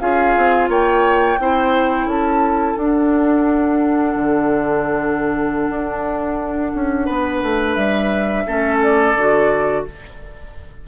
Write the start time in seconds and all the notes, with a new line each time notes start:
0.00 C#4 F4 G#4 F5
0.37 C4
0.69 A#3 C#5 G5
1.39 C4 E4 C5
2.06 C#4 A4 A5
2.77 D4 F#5
4.16 D3
5.69 D4
6.75 C#4
7.06 B3 B4
7.43 A3
7.75 G3 E5
8.47 A3 C#4 A4
8.83 D5
9.16 D3 F#4